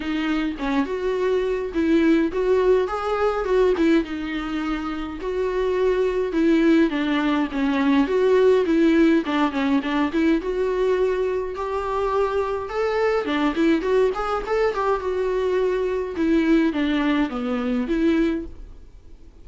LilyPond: \new Staff \with { instrumentName = "viola" } { \time 4/4 \tempo 4 = 104 dis'4 cis'8 fis'4. e'4 | fis'4 gis'4 fis'8 e'8 dis'4~ | dis'4 fis'2 e'4 | d'4 cis'4 fis'4 e'4 |
d'8 cis'8 d'8 e'8 fis'2 | g'2 a'4 d'8 e'8 | fis'8 gis'8 a'8 g'8 fis'2 | e'4 d'4 b4 e'4 | }